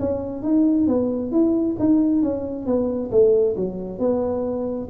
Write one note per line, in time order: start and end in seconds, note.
0.00 0.43 C#4
0.43 0.88 D#4
0.88 1.32 B3
1.32 1.77 E4
1.80 2.23 D#4
2.23 2.67 C#4
2.67 3.11 B3
3.12 3.57 A3
3.57 3.99 F#3
3.99 4.89 B3